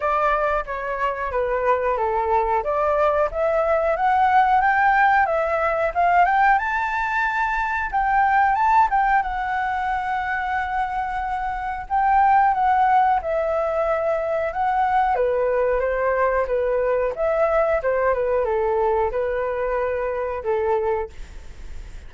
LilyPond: \new Staff \with { instrumentName = "flute" } { \time 4/4 \tempo 4 = 91 d''4 cis''4 b'4 a'4 | d''4 e''4 fis''4 g''4 | e''4 f''8 g''8 a''2 | g''4 a''8 g''8 fis''2~ |
fis''2 g''4 fis''4 | e''2 fis''4 b'4 | c''4 b'4 e''4 c''8 b'8 | a'4 b'2 a'4 | }